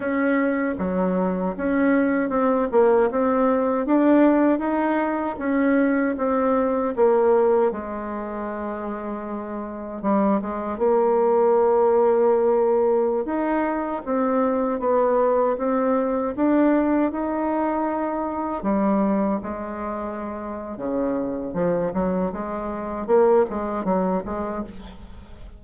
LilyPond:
\new Staff \with { instrumentName = "bassoon" } { \time 4/4 \tempo 4 = 78 cis'4 fis4 cis'4 c'8 ais8 | c'4 d'4 dis'4 cis'4 | c'4 ais4 gis2~ | gis4 g8 gis8 ais2~ |
ais4~ ais16 dis'4 c'4 b8.~ | b16 c'4 d'4 dis'4.~ dis'16~ | dis'16 g4 gis4.~ gis16 cis4 | f8 fis8 gis4 ais8 gis8 fis8 gis8 | }